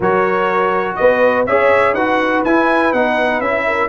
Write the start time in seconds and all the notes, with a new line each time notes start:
0.00 F#3 F#4 A#4 C#5
0.95 B3 B4 D#5
1.46 C#4 G#4 C#5 E5
1.93 D#4 F#4 B4 F#5
2.44 E4 G#5
2.92 B3 D#4 F#5
3.40 C#4 E4 E5
3.67 A#4